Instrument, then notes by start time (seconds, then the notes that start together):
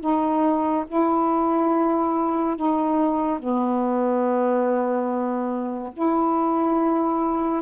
saxophone
0.00 D#4
0.87 E4
2.55 D#4
3.39 B3
5.93 E4